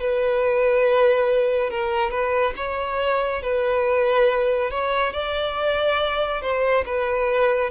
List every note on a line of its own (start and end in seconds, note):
0.00 1.70 B4
1.70 2.11 A#4
2.11 2.54 B4
2.57 3.42 C#5
3.42 4.71 B4
4.71 5.13 C#5
5.13 6.42 D5
6.42 6.85 C5
6.86 7.71 B4